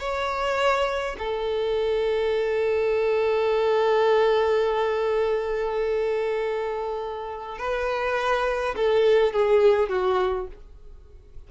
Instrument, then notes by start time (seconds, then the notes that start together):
violin
0.00 C#5
1.19 A4
7.59 B4
8.76 A4
9.33 G#4
9.89 F#4